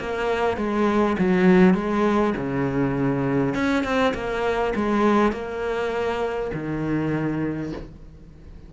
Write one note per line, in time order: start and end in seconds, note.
0.00 0.57 A#3
0.57 1.17 G#3
1.19 1.74 F#3
1.74 2.34 G#3
2.37 3.55 C#3
3.55 3.84 C#4
3.84 4.13 C4
4.14 4.73 A#3
4.75 5.32 G#3
5.32 6.51 A#3
6.54 7.73 D#3